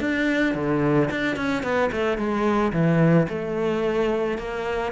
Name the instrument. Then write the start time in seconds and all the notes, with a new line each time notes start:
cello
0.00 D4
0.55 D3
1.10 D4
1.36 C#4
1.63 B3
1.91 A3
2.17 G#3
2.72 E3
3.29 A3
4.38 A#3